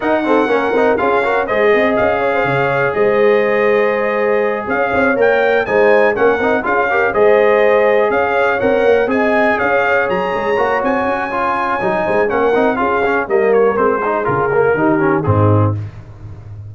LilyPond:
<<
  \new Staff \with { instrumentName = "trumpet" } { \time 4/4 \tempo 4 = 122 fis''2 f''4 dis''4 | f''2 dis''2~ | dis''4. f''4 g''4 gis''8~ | gis''8 fis''4 f''4 dis''4.~ |
dis''8 f''4 fis''4 gis''4 f''8~ | f''8 ais''4. gis''2~ | gis''4 fis''4 f''4 dis''8 cis''8 | c''4 ais'2 gis'4 | }
  \new Staff \with { instrumentName = "horn" } { \time 4/4 ais'8 a'8 ais'4 gis'8 ais'8 c''8 dis''8~ | dis''8 cis''16 c''16 cis''4 c''2~ | c''4. cis''2 c''8~ | c''8 ais'4 gis'8 ais'8 c''4.~ |
c''8 cis''2 dis''4 cis''8~ | cis''1~ | cis''8 c''8 ais'4 gis'4 ais'4~ | ais'8 gis'4. g'4 dis'4 | }
  \new Staff \with { instrumentName = "trombone" } { \time 4/4 dis'8 c'8 cis'8 dis'8 f'8 fis'8 gis'4~ | gis'1~ | gis'2~ gis'8 ais'4 dis'8~ | dis'8 cis'8 dis'8 f'8 g'8 gis'4.~ |
gis'4. ais'4 gis'4.~ | gis'4. fis'4. f'4 | dis'4 cis'8 dis'8 f'8 cis'8 ais4 | c'8 dis'8 f'8 ais8 dis'8 cis'8 c'4 | }
  \new Staff \with { instrumentName = "tuba" } { \time 4/4 dis'4 ais8 c'8 cis'4 gis8 c'8 | cis'4 cis4 gis2~ | gis4. cis'8 c'8 ais4 gis8~ | gis8 ais8 c'8 cis'4 gis4.~ |
gis8 cis'4 c'8 ais8 c'4 cis'8~ | cis'8 fis8 gis8 ais8 c'8 cis'4. | fis8 gis8 ais8 c'8 cis'4 g4 | gis4 cis4 dis4 gis,4 | }
>>